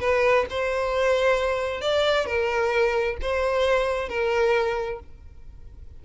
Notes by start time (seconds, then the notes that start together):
0.00 B4
0.50 C5
1.81 D5
2.26 A#4
3.21 C5
4.09 A#4